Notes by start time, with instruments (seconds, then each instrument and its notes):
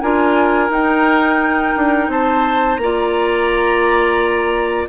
0.00 bassoon D4, clarinet F4, oboe A#4, flute G#5
0.69 bassoon D#4, clarinet D#4, flute G5
1.76 bassoon D4
2.08 bassoon C4, oboe C5, flute A5
2.76 bassoon A#3, clarinet F4, flute A#5
2.82 oboe D5